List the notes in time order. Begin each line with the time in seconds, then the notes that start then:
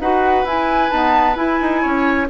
0.00 D#4 F#4 B4 F#5
0.44 E4 G#5
0.91 B3 D#4 A5
1.36 E4 G#5
1.61 D#4
1.82 C#4 C#5